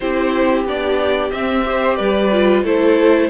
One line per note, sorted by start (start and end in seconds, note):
0.00 0.65 C4
0.00 0.67 E4
0.00 1.65 G4
0.00 0.64 C5
0.65 1.31 B3
0.65 1.30 D4
0.65 1.31 D5
1.30 1.62 C4
1.30 1.99 C4
1.30 1.95 E5
1.64 2.30 G4
1.64 1.97 C5
1.95 2.63 G3
1.95 2.63 B4
1.95 2.61 D5
2.31 2.64 F4
2.63 3.29 A3
2.63 3.30 E4
2.63 3.29 A4
2.63 3.30 C5